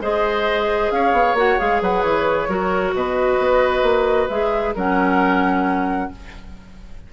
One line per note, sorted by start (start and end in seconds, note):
0.00 0.90 G#3
0.00 1.37 G#4
0.00 0.92 C5
0.00 0.91 D#5
0.91 1.12 C#4
0.91 1.82 C#5
0.91 1.36 F5
1.12 1.33 B3
1.33 1.56 A#3
1.33 1.58 F#4
1.33 1.59 F#5
1.58 1.81 G#3
1.58 2.48 G#4
1.58 1.81 F5
1.81 2.03 F#3
1.81 2.48 B4
1.81 2.02 F#5
2.02 2.48 E3
2.02 2.92 C#5
2.48 2.93 F#3
2.48 4.29 F#4
2.48 2.94 A#4
2.93 3.38 B2
2.93 4.74 B4
2.93 4.28 D#5
3.39 3.82 B3
3.82 4.27 A#3
4.28 4.74 G#3
4.28 4.75 G#4
4.28 4.73 E5
4.74 6.11 F#3
4.74 6.11 C#4
4.74 6.10 A#4
4.74 6.13 F#5